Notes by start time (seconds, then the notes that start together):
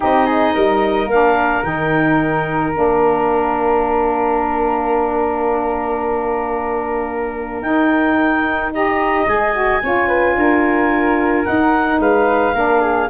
0.00 C4 D#4 G4 D#5
0.26 G#4
0.54 G3 A#4
1.06 A#3 D4 F5
1.63 D#3 D#4 G5
2.71 A#3 D4 F5
7.61 D#4 G5
8.73 G4 D#5 A#5
9.26 G#3 G#4 G#5
9.53 F#4
9.82 C#4 F4 C#5
10.07 B4
10.36 D4 A#4
11.44 D#4 F#5
11.99 G#3 B4 F5
12.54 A#3 D4 A#4
12.80 G#4